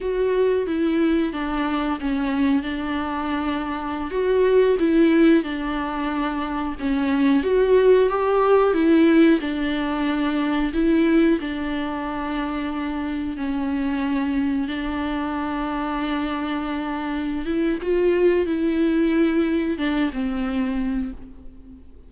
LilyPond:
\new Staff \with { instrumentName = "viola" } { \time 4/4 \tempo 4 = 91 fis'4 e'4 d'4 cis'4 | d'2~ d'16 fis'4 e'8.~ | e'16 d'2 cis'4 fis'8.~ | fis'16 g'4 e'4 d'4.~ d'16~ |
d'16 e'4 d'2~ d'8.~ | d'16 cis'2 d'4.~ d'16~ | d'2~ d'8 e'8 f'4 | e'2 d'8 c'4. | }